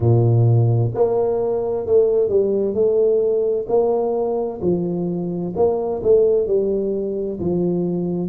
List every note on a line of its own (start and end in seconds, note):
0.00 0.91 A#2
0.94 1.86 A#3
1.86 2.28 A3
2.28 2.74 G3
2.74 3.66 A3
3.68 4.60 A#3
4.61 5.53 F3
5.56 6.02 A#3
6.03 6.47 A3
6.47 7.39 G3
7.39 8.28 F3